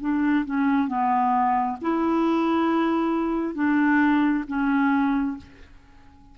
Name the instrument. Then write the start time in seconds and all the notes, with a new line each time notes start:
clarinet
0.00 D4
0.45 C#4
0.88 B3
1.81 E4
3.55 D4
4.47 C#4